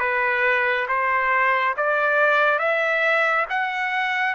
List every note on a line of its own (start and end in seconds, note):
0.00 0.87 B4
0.88 1.75 C5
1.77 2.59 D5
2.59 3.46 E5
3.50 4.35 F#5